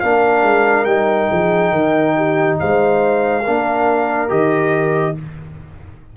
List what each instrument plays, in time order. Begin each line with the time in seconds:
0.00 tuba A#3, trombone D4, horn A#4, trumpet F5
0.43 tuba G#3
0.85 tuba G3, trombone D#4, trumpet G5
1.31 tuba F3, horn G#4
1.71 tuba D#3, horn A#4
2.17 horn G4
2.59 tuba G#3, horn C5, trumpet F5
3.43 tuba A#3, trombone D4, horn A#4
4.29 tuba D#3, trombone G4, trumpet D#5